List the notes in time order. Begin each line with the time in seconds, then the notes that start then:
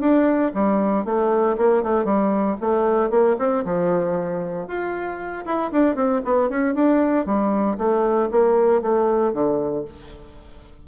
0.00 D4
0.54 G3
1.05 A3
1.57 A#3
1.83 A3
2.04 G3
2.60 A3
3.10 A#3
3.38 C4
3.64 F3
4.67 F4
5.45 E4
5.72 D4
5.95 C4
6.25 B3
6.49 C#4
6.74 D4
7.26 G3
7.78 A3
8.31 A#3
8.81 A3
9.33 D3